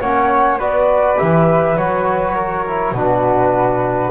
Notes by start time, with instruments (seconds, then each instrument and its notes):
0.00 double bass A#3, trombone C#4, flute C#5 F#5
0.58 double bass B3, trombone F#4, flute B4 D5
1.16 double bass E3, trombone G4, flute E5
1.76 double bass F#3, trombone F#4, flute C#5
2.35 flute A#4
2.67 trombone E4
2.92 double bass B2, trombone D4, flute F#4 B4